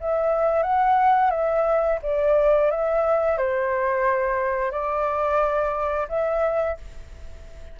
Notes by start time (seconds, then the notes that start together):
0.00 E5
0.63 F#5
1.31 E5
2.03 D5
2.71 E5
3.38 C5
4.71 D5
6.09 E5